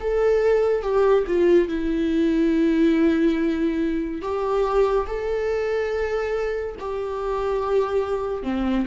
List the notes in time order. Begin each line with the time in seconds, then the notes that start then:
0.00 A4
0.82 G4
1.27 F4
1.68 E4
4.22 G4
5.07 A4
6.79 G4
8.43 C4